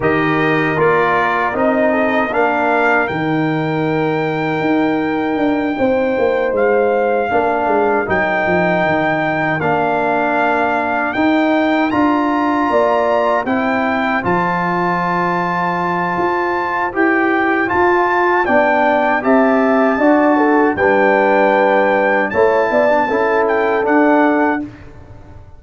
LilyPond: <<
  \new Staff \with { instrumentName = "trumpet" } { \time 4/4 \tempo 4 = 78 dis''4 d''4 dis''4 f''4 | g''1~ | g''8 f''2 g''4.~ | g''8 f''2 g''4 ais''8~ |
ais''4. g''4 a''4.~ | a''2 g''4 a''4 | g''4 a''2 g''4~ | g''4 a''4. g''8 fis''4 | }
  \new Staff \with { instrumentName = "horn" } { \time 4/4 ais'2~ ais'8 a'8 ais'4~ | ais'2.~ ais'8 c''8~ | c''4. ais'2~ ais'8~ | ais'1~ |
ais'8 d''4 c''2~ c''8~ | c''1 | d''4 e''4 d''8 a'8 b'4~ | b'4 cis''8 d''8 a'2 | }
  \new Staff \with { instrumentName = "trombone" } { \time 4/4 g'4 f'4 dis'4 d'4 | dis'1~ | dis'4. d'4 dis'4.~ | dis'8 d'2 dis'4 f'8~ |
f'4. e'4 f'4.~ | f'2 g'4 f'4 | d'4 g'4 fis'4 d'4~ | d'4 e'8. d'16 e'4 d'4 | }
  \new Staff \with { instrumentName = "tuba" } { \time 4/4 dis4 ais4 c'4 ais4 | dis2 dis'4 d'8 c'8 | ais8 gis4 ais8 gis8 fis8 f8 dis8~ | dis8 ais2 dis'4 d'8~ |
d'8 ais4 c'4 f4.~ | f4 f'4 e'4 f'4 | b4 c'4 d'4 g4~ | g4 a8 b8 cis'4 d'4 | }
>>